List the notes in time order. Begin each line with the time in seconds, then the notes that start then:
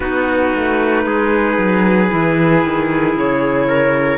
0.00 B3 D#4 F#4 B4
0.54 A3
1.05 G#3 G#4
1.57 F#3
2.09 E3 E4
2.64 D#3
3.15 C#3 C#5
3.67 A#4